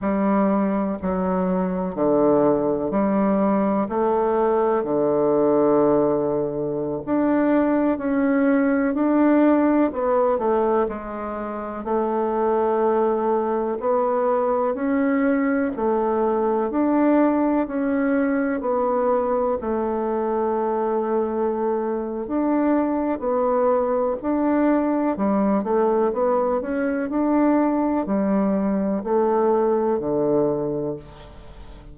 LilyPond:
\new Staff \with { instrumentName = "bassoon" } { \time 4/4 \tempo 4 = 62 g4 fis4 d4 g4 | a4 d2~ d16 d'8.~ | d'16 cis'4 d'4 b8 a8 gis8.~ | gis16 a2 b4 cis'8.~ |
cis'16 a4 d'4 cis'4 b8.~ | b16 a2~ a8. d'4 | b4 d'4 g8 a8 b8 cis'8 | d'4 g4 a4 d4 | }